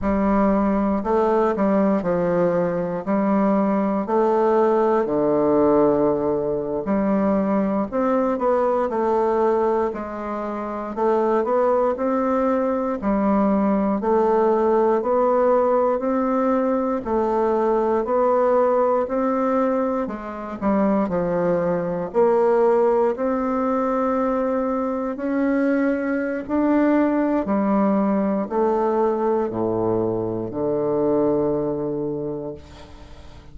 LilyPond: \new Staff \with { instrumentName = "bassoon" } { \time 4/4 \tempo 4 = 59 g4 a8 g8 f4 g4 | a4 d4.~ d16 g4 c'16~ | c'16 b8 a4 gis4 a8 b8 c'16~ | c'8. g4 a4 b4 c'16~ |
c'8. a4 b4 c'4 gis16~ | gis16 g8 f4 ais4 c'4~ c'16~ | c'8. cis'4~ cis'16 d'4 g4 | a4 a,4 d2 | }